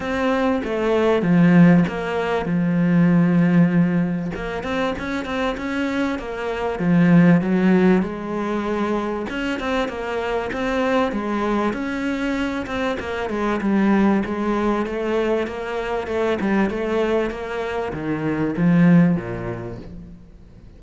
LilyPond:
\new Staff \with { instrumentName = "cello" } { \time 4/4 \tempo 4 = 97 c'4 a4 f4 ais4 | f2. ais8 c'8 | cis'8 c'8 cis'4 ais4 f4 | fis4 gis2 cis'8 c'8 |
ais4 c'4 gis4 cis'4~ | cis'8 c'8 ais8 gis8 g4 gis4 | a4 ais4 a8 g8 a4 | ais4 dis4 f4 ais,4 | }